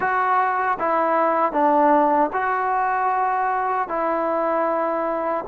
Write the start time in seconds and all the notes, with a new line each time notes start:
0.00 F#4
0.79 E4
1.52 D4
2.32 F#4
3.88 E4